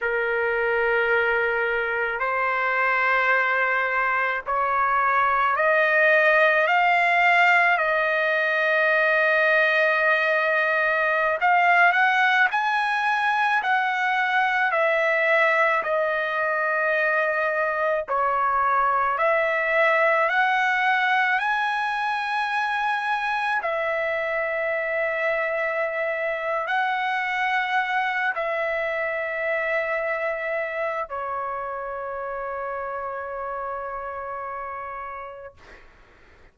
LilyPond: \new Staff \with { instrumentName = "trumpet" } { \time 4/4 \tempo 4 = 54 ais'2 c''2 | cis''4 dis''4 f''4 dis''4~ | dis''2~ dis''16 f''8 fis''8 gis''8.~ | gis''16 fis''4 e''4 dis''4.~ dis''16~ |
dis''16 cis''4 e''4 fis''4 gis''8.~ | gis''4~ gis''16 e''2~ e''8. | fis''4. e''2~ e''8 | cis''1 | }